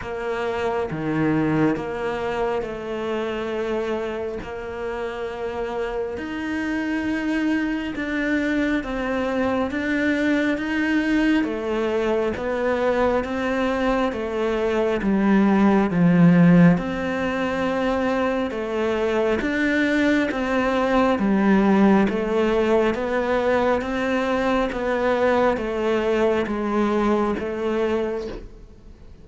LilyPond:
\new Staff \with { instrumentName = "cello" } { \time 4/4 \tempo 4 = 68 ais4 dis4 ais4 a4~ | a4 ais2 dis'4~ | dis'4 d'4 c'4 d'4 | dis'4 a4 b4 c'4 |
a4 g4 f4 c'4~ | c'4 a4 d'4 c'4 | g4 a4 b4 c'4 | b4 a4 gis4 a4 | }